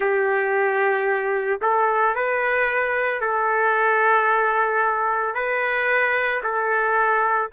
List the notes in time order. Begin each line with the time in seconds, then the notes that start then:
0.00 G4
1.61 A4
2.15 B4
3.20 A4
5.34 B4
6.43 A4